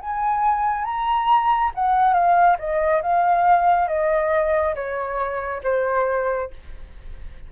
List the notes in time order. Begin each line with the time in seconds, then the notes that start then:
0.00 G#5
0.85 A#5
1.74 F#5
2.13 F5
2.58 D#5
3.02 F5
3.87 D#5
4.75 C#5
5.63 C5